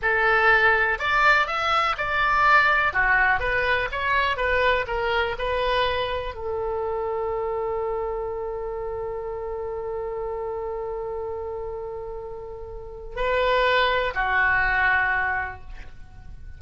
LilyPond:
\new Staff \with { instrumentName = "oboe" } { \time 4/4 \tempo 4 = 123 a'2 d''4 e''4 | d''2 fis'4 b'4 | cis''4 b'4 ais'4 b'4~ | b'4 a'2.~ |
a'1~ | a'1~ | a'2. b'4~ | b'4 fis'2. | }